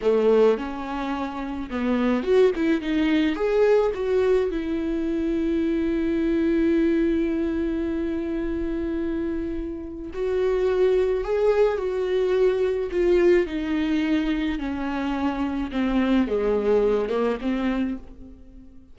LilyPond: \new Staff \with { instrumentName = "viola" } { \time 4/4 \tempo 4 = 107 a4 cis'2 b4 | fis'8 e'8 dis'4 gis'4 fis'4 | e'1~ | e'1~ |
e'2 fis'2 | gis'4 fis'2 f'4 | dis'2 cis'2 | c'4 gis4. ais8 c'4 | }